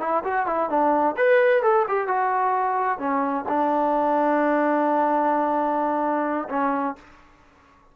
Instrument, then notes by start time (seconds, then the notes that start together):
trombone
0.00 E4
0.24 F#4
0.46 E4
0.69 D4
1.17 B4
1.63 A4
1.88 G4
2.07 F#4
2.99 C#4
3.48 D4
6.49 C#4